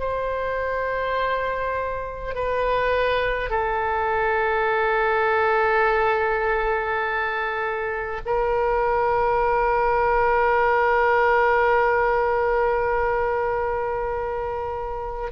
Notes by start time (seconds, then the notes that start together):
0.00 C5
2.35 B4
3.50 A4
8.26 A#4